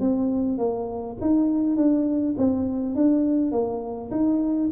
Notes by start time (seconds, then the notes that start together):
0.00 C4
0.58 A#3
1.21 D#4
1.76 D4
2.37 C4
2.95 D4
3.52 A#3
4.11 D#4